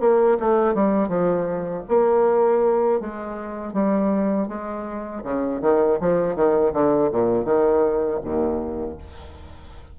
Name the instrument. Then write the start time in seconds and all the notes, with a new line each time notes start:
bassoon
0.00 A#3
0.40 A3
0.74 G3
1.08 F3
1.88 A#3
3.00 G#3
3.73 G3
4.48 G#3
5.24 C#3
5.61 D#3
6.00 F3
6.35 D#3
6.73 D3
7.12 A#2
7.45 D#3
8.24 D#2